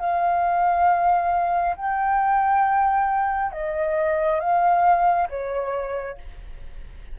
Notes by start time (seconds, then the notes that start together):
0.00 F5
1.77 G5
3.53 D#5
4.40 F5
5.30 C#5